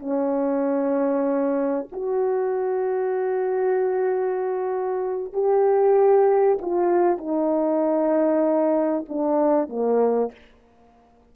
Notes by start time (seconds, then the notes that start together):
0.00 C#4
1.92 F#4
5.34 G4
6.62 F4
7.18 D#4
9.09 D4
9.70 A#3